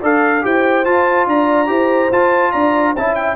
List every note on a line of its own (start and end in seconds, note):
0.00 0.45 D4
0.00 0.42 A4
0.00 0.42 D5
0.00 0.46 F5
0.42 0.86 E4
0.42 0.84 G4
0.42 1.29 C5
0.42 0.85 G5
0.85 1.67 F4
0.85 1.27 F4
0.85 1.27 A5
1.27 1.69 D4
1.27 1.70 D5
1.27 2.13 A#5
1.67 2.11 E4
1.67 2.09 G4
1.67 2.52 C5
2.12 2.54 F4
2.12 2.96 F4
2.12 2.52 A5
2.52 2.96 D4
2.52 2.94 D5
2.52 2.94 A#5
2.97 3.36 C#4
2.97 3.36 E4
2.97 3.36 E5
2.97 3.15 A5
3.15 3.36 G5